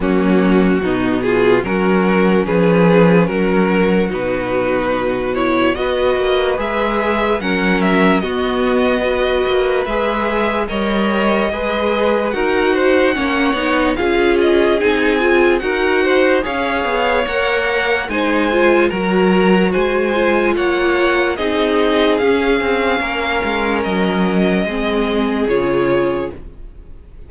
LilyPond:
<<
  \new Staff \with { instrumentName = "violin" } { \time 4/4 \tempo 4 = 73 fis'4. gis'8 ais'4 b'4 | ais'4 b'4. cis''8 dis''4 | e''4 fis''8 e''8 dis''2 | e''4 dis''2 fis''4~ |
fis''4 f''8 dis''8 gis''4 fis''4 | f''4 fis''4 gis''4 ais''4 | gis''4 fis''4 dis''4 f''4~ | f''4 dis''2 cis''4 | }
  \new Staff \with { instrumentName = "violin" } { \time 4/4 cis'4 dis'8 f'8 fis'4 gis'4 | fis'2. b'4~ | b'4 ais'4 fis'4 b'4~ | b'4 cis''4 b'4 ais'8 c''8 |
cis''4 gis'2 ais'8 c''8 | cis''2 c''4 ais'4 | c''4 cis''4 gis'2 | ais'2 gis'2 | }
  \new Staff \with { instrumentName = "viola" } { \time 4/4 ais4 b4 cis'2~ | cis'4 dis'4. e'8 fis'4 | gis'4 cis'4 b4 fis'4 | gis'4 ais'4 gis'4 fis'4 |
cis'8 dis'8 f'4 dis'8 f'8 fis'4 | gis'4 ais'4 dis'8 f'8 fis'4~ | fis'8 f'4. dis'4 cis'4~ | cis'2 c'4 f'4 | }
  \new Staff \with { instrumentName = "cello" } { \time 4/4 fis4 b,4 fis4 f4 | fis4 b,2 b8 ais8 | gis4 fis4 b4. ais8 | gis4 g4 gis4 dis'4 |
ais8 b8 cis'4 c'4 dis'4 | cis'8 b8 ais4 gis4 fis4 | gis4 ais4 c'4 cis'8 c'8 | ais8 gis8 fis4 gis4 cis4 | }
>>